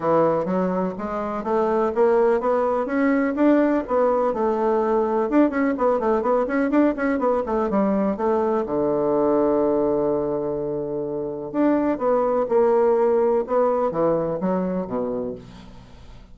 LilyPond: \new Staff \with { instrumentName = "bassoon" } { \time 4/4 \tempo 4 = 125 e4 fis4 gis4 a4 | ais4 b4 cis'4 d'4 | b4 a2 d'8 cis'8 | b8 a8 b8 cis'8 d'8 cis'8 b8 a8 |
g4 a4 d2~ | d1 | d'4 b4 ais2 | b4 e4 fis4 b,4 | }